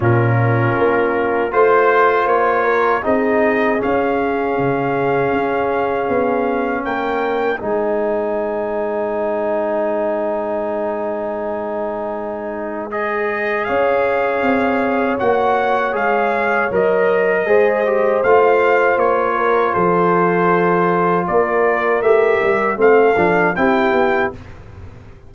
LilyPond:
<<
  \new Staff \with { instrumentName = "trumpet" } { \time 4/4 \tempo 4 = 79 ais'2 c''4 cis''4 | dis''4 f''2.~ | f''4 g''4 gis''2~ | gis''1~ |
gis''4 dis''4 f''2 | fis''4 f''4 dis''2 | f''4 cis''4 c''2 | d''4 e''4 f''4 g''4 | }
  \new Staff \with { instrumentName = "horn" } { \time 4/4 f'2 c''4. ais'8 | gis'1~ | gis'4 ais'4 c''2~ | c''1~ |
c''2 cis''2~ | cis''2. c''4~ | c''4. ais'8 a'2 | ais'2 a'4 g'4 | }
  \new Staff \with { instrumentName = "trombone" } { \time 4/4 cis'2 f'2 | dis'4 cis'2.~ | cis'2 dis'2~ | dis'1~ |
dis'4 gis'2. | fis'4 gis'4 ais'4 gis'8 g'8 | f'1~ | f'4 g'4 c'8 d'8 e'4 | }
  \new Staff \with { instrumentName = "tuba" } { \time 4/4 ais,4 ais4 a4 ais4 | c'4 cis'4 cis4 cis'4 | b4 ais4 gis2~ | gis1~ |
gis2 cis'4 c'4 | ais4 gis4 fis4 gis4 | a4 ais4 f2 | ais4 a8 g8 a8 f8 c'8 b8 | }
>>